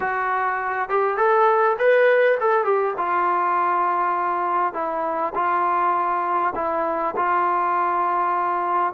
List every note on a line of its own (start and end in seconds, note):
0.00 0.89 F#4
0.89 1.17 G4
1.17 1.76 A4
1.78 2.38 B4
2.40 2.64 A4
2.64 2.94 G4
2.97 4.73 F4
4.73 5.33 E4
5.35 6.53 F4
6.55 7.14 E4
7.16 8.93 F4